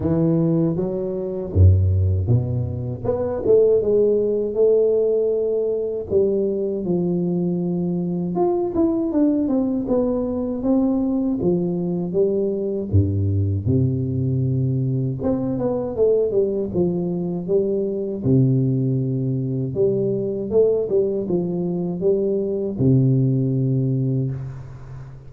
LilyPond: \new Staff \with { instrumentName = "tuba" } { \time 4/4 \tempo 4 = 79 e4 fis4 fis,4 b,4 | b8 a8 gis4 a2 | g4 f2 f'8 e'8 | d'8 c'8 b4 c'4 f4 |
g4 g,4 c2 | c'8 b8 a8 g8 f4 g4 | c2 g4 a8 g8 | f4 g4 c2 | }